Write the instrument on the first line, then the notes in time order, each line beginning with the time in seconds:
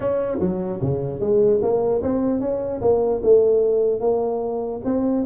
tuba
0.00 C#4
0.40 F#3
0.81 C#3
1.20 G#3
1.61 A#3
2.02 C4
2.40 C#4
2.81 A#3
3.23 A3
4.00 A#3
4.84 C4